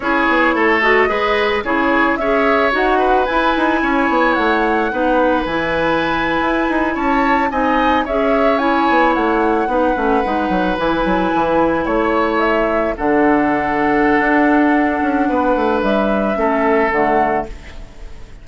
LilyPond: <<
  \new Staff \with { instrumentName = "flute" } { \time 4/4 \tempo 4 = 110 cis''4. dis''4. cis''4 | e''4 fis''4 gis''2 | fis''2 gis''2~ | gis''8. a''4 gis''4 e''4 gis''16~ |
gis''8. fis''2. gis''16~ | gis''4.~ gis''16 cis''4 e''4 fis''16~ | fis''1~ | fis''4 e''2 fis''4 | }
  \new Staff \with { instrumentName = "oboe" } { \time 4/4 gis'4 a'4 b'4 gis'4 | cis''4. b'4. cis''4~ | cis''4 b'2.~ | b'8. cis''4 dis''4 cis''4~ cis''16~ |
cis''4.~ cis''16 b'2~ b'16~ | b'4.~ b'16 cis''2 a'16~ | a'1 | b'2 a'2 | }
  \new Staff \with { instrumentName = "clarinet" } { \time 4/4 e'4. fis'8 gis'4 e'4 | gis'4 fis'4 e'2~ | e'4 dis'4 e'2~ | e'4.~ e'16 dis'4 gis'4 e'16~ |
e'4.~ e'16 dis'8 cis'8 dis'4 e'16~ | e'2.~ e'8. d'16~ | d'1~ | d'2 cis'4 a4 | }
  \new Staff \with { instrumentName = "bassoon" } { \time 4/4 cis'8 b8 a4 gis4 cis4 | cis'4 dis'4 e'8 dis'8 cis'8 b8 | a4 b4 e4.~ e16 e'16~ | e'16 dis'8 cis'4 c'4 cis'4~ cis'16~ |
cis'16 b8 a4 b8 a8 gis8 fis8 e16~ | e16 fis8 e4 a2 d16~ | d2 d'4. cis'8 | b8 a8 g4 a4 d4 | }
>>